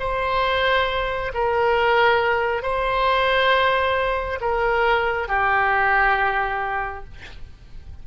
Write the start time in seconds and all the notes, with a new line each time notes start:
0.00 C5
1.34 A#4
2.63 C5
4.41 A#4
5.28 G4